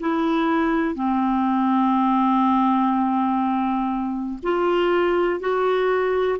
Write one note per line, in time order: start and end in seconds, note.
0.00 0.94 E4
0.94 4.39 C4
4.43 5.40 F4
5.40 6.38 F#4